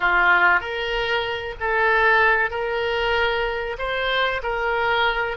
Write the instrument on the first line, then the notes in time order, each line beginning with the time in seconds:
oboe
0.00 F4
0.60 A#4
1.60 A4
2.50 A#4
3.78 C5
4.42 A#4